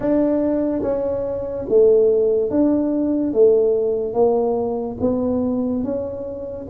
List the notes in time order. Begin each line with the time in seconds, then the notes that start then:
0.00 D4
0.82 C#4
1.69 A3
2.50 D4
3.33 A3
4.13 A#3
5.00 B3
5.83 C#4